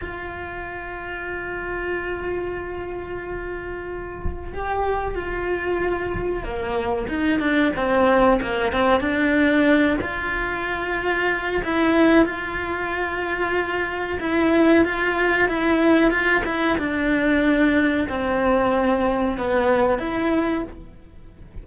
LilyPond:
\new Staff \with { instrumentName = "cello" } { \time 4/4 \tempo 4 = 93 f'1~ | f'2. g'4 | f'2 ais4 dis'8 d'8 | c'4 ais8 c'8 d'4. f'8~ |
f'2 e'4 f'4~ | f'2 e'4 f'4 | e'4 f'8 e'8 d'2 | c'2 b4 e'4 | }